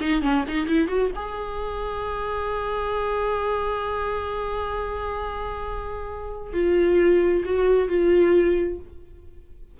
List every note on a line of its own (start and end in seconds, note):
0.00 0.22 D#4
0.22 0.44 C#4
0.48 0.67 D#4
0.67 0.88 E4
0.88 1.11 F#4
1.15 6.53 G#4
6.53 7.43 F4
7.45 7.88 F#4
7.88 8.78 F4